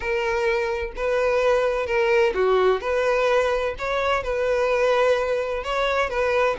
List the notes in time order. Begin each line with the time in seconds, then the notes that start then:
0.00 A#4
0.95 B4
1.86 A#4
2.34 F#4
2.81 B4
3.78 C#5
4.23 B4
5.63 C#5
6.09 B4